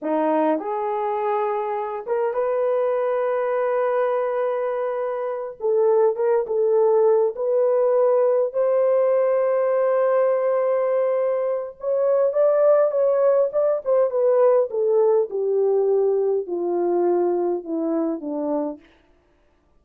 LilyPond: \new Staff \with { instrumentName = "horn" } { \time 4/4 \tempo 4 = 102 dis'4 gis'2~ gis'8 ais'8 | b'1~ | b'4. a'4 ais'8 a'4~ | a'8 b'2 c''4.~ |
c''1 | cis''4 d''4 cis''4 d''8 c''8 | b'4 a'4 g'2 | f'2 e'4 d'4 | }